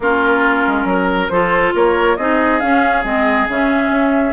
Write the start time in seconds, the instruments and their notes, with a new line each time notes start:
0.00 bassoon A#3, clarinet C#4, oboe F4, flute A#4
0.67 bassoon G#3
0.84 bassoon F#3, oboe A#4
1.29 bassoon F3, clarinet F4, oboe A4, flute C5
1.74 bassoon A#3, oboe A#4, flute C#5
2.16 bassoon C4, clarinet D#4, oboe G#4, flute D#5
2.60 clarinet C#4, bassoon C#4, flute F5
3.03 bassoon G#3, clarinet C4, flute D#5
3.48 bassoon C#3, clarinet C#4, flute E5
3.89 bassoon C#4